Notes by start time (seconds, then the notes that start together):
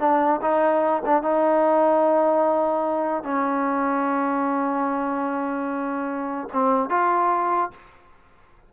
0.00 D4
0.42 D#4
1.06 D4
1.22 D#4
3.24 C#4
6.53 C4
6.90 F4